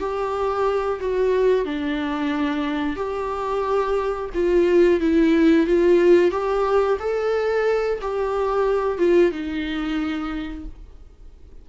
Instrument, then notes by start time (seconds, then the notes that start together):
viola
0.00 G4
1.00 F#4
1.65 D4
2.96 G4
4.34 F4
5.00 E4
5.67 F4
6.31 G4
6.99 A4
8.01 G4
8.98 F4
9.32 D#4